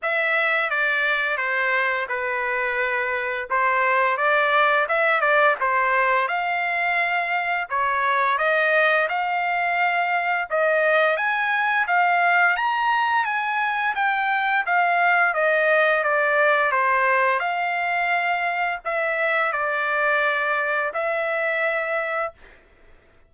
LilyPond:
\new Staff \with { instrumentName = "trumpet" } { \time 4/4 \tempo 4 = 86 e''4 d''4 c''4 b'4~ | b'4 c''4 d''4 e''8 d''8 | c''4 f''2 cis''4 | dis''4 f''2 dis''4 |
gis''4 f''4 ais''4 gis''4 | g''4 f''4 dis''4 d''4 | c''4 f''2 e''4 | d''2 e''2 | }